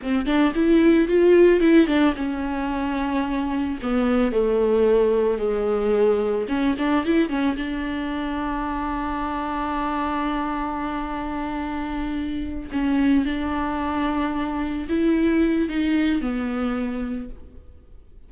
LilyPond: \new Staff \with { instrumentName = "viola" } { \time 4/4 \tempo 4 = 111 c'8 d'8 e'4 f'4 e'8 d'8 | cis'2. b4 | a2 gis2 | cis'8 d'8 e'8 cis'8 d'2~ |
d'1~ | d'2.~ d'8 cis'8~ | cis'8 d'2. e'8~ | e'4 dis'4 b2 | }